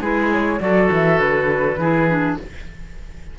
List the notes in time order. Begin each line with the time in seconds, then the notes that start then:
0.00 G#3 E4 G#4 B4
0.32 C#5
0.59 F#3 F#4 A4 D5
0.91 E3 E5
1.19 D3 B4
1.77 E3 E4 G#4
2.08 D4